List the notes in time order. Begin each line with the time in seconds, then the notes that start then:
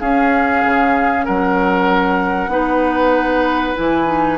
0.00 C#4 G#4 F5
0.64 C#3
1.25 F#3 A#4 F#5
2.48 B3 D#4 B4
3.75 E3 E4 G#5
4.06 D#4